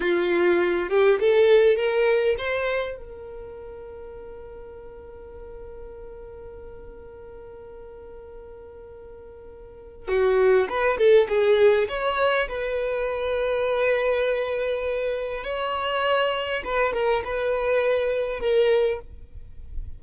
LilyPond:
\new Staff \with { instrumentName = "violin" } { \time 4/4 \tempo 4 = 101 f'4. g'8 a'4 ais'4 | c''4 ais'2.~ | ais'1~ | ais'1~ |
ais'4 fis'4 b'8 a'8 gis'4 | cis''4 b'2.~ | b'2 cis''2 | b'8 ais'8 b'2 ais'4 | }